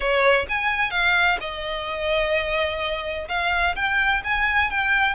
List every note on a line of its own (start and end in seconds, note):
0.00 0.46 C#5
0.48 0.91 G#5
0.91 1.37 F5
1.40 3.28 D#5
3.28 3.75 F5
3.75 4.22 G5
4.24 4.70 G#5
4.70 5.14 G5